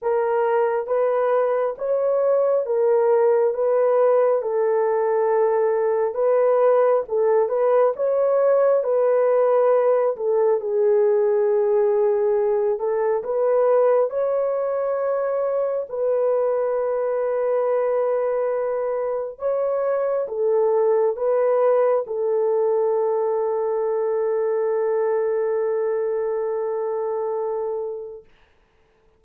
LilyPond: \new Staff \with { instrumentName = "horn" } { \time 4/4 \tempo 4 = 68 ais'4 b'4 cis''4 ais'4 | b'4 a'2 b'4 | a'8 b'8 cis''4 b'4. a'8 | gis'2~ gis'8 a'8 b'4 |
cis''2 b'2~ | b'2 cis''4 a'4 | b'4 a'2.~ | a'1 | }